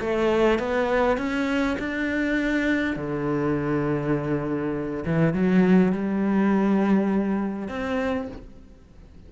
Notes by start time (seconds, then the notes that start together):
0.00 A3
0.59 B3
1.18 C#4
1.79 D4
2.96 D3
5.05 E3
5.34 F#3
5.92 G3
7.68 C4